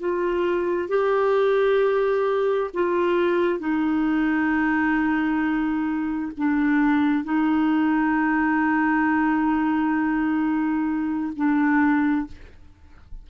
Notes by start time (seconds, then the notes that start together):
0.00 F4
0.89 G4
2.74 F4
3.60 D#4
6.38 D4
7.24 D#4
11.36 D4